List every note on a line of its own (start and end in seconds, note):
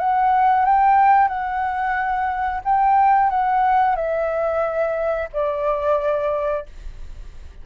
0.00 0.66 F#5
0.66 1.28 G5
1.28 2.62 F#5
2.65 3.30 G5
3.30 3.96 F#5
3.96 5.29 E5
5.33 6.66 D5